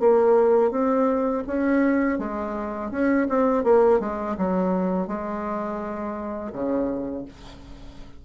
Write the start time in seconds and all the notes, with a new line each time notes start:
0.00 A#3
0.71 C4
1.47 C#4
2.19 G#3
2.91 C#4
3.29 C4
3.64 A#3
4.00 G#3
4.38 F#3
5.08 G#3
6.53 C#3